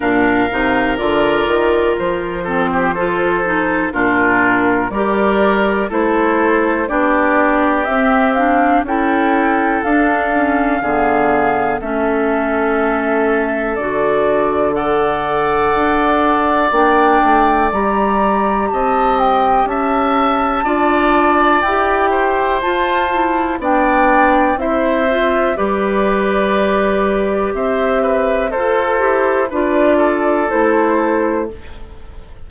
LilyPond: <<
  \new Staff \with { instrumentName = "flute" } { \time 4/4 \tempo 4 = 61 f''4 d''4 c''2 | ais'4 d''4 c''4 d''4 | e''8 f''8 g''4 f''2 | e''2 d''4 fis''4~ |
fis''4 g''4 ais''4 a''8 g''8 | a''2 g''4 a''4 | g''4 e''4 d''2 | e''4 c''4 d''4 c''4 | }
  \new Staff \with { instrumentName = "oboe" } { \time 4/4 ais'2~ ais'8 a'16 g'16 a'4 | f'4 ais'4 a'4 g'4~ | g'4 a'2 gis'4 | a'2. d''4~ |
d''2. dis''4 | e''4 d''4. c''4. | d''4 c''4 b'2 | c''8 b'8 a'4 b'8 a'4. | }
  \new Staff \with { instrumentName = "clarinet" } { \time 4/4 d'8 dis'8 f'4. c'8 f'8 dis'8 | d'4 g'4 e'4 d'4 | c'8 d'8 e'4 d'8 cis'8 b4 | cis'2 fis'4 a'4~ |
a'4 d'4 g'2~ | g'4 f'4 g'4 f'8 e'8 | d'4 e'8 f'8 g'2~ | g'4 a'8 g'8 f'4 e'4 | }
  \new Staff \with { instrumentName = "bassoon" } { \time 4/4 ais,8 c8 d8 dis8 f2 | ais,4 g4 a4 b4 | c'4 cis'4 d'4 d4 | a2 d2 |
d'4 ais8 a8 g4 c'4 | cis'4 d'4 e'4 f'4 | b4 c'4 g2 | c'4 f'8 e'8 d'4 a4 | }
>>